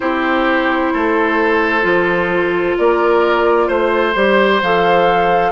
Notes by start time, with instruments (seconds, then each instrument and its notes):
0.00 bassoon C4, clarinet E4, oboe G4, flute C5
0.93 bassoon A3, oboe A4
1.81 bassoon F3, clarinet F4
2.78 bassoon A#3, oboe A#4, flute D5
3.67 bassoon A3, oboe C5, flute C5
4.15 bassoon G3, clarinet G4
4.62 bassoon F3, clarinet A4, flute F5